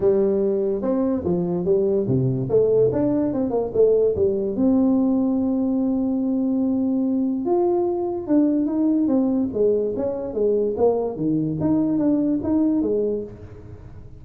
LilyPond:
\new Staff \with { instrumentName = "tuba" } { \time 4/4 \tempo 4 = 145 g2 c'4 f4 | g4 c4 a4 d'4 | c'8 ais8 a4 g4 c'4~ | c'1~ |
c'2 f'2 | d'4 dis'4 c'4 gis4 | cis'4 gis4 ais4 dis4 | dis'4 d'4 dis'4 gis4 | }